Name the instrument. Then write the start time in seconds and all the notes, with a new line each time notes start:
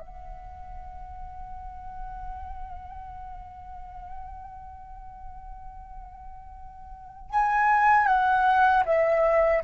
flute
0.00 F#5
7.31 G#5
8.07 F#5
8.86 E5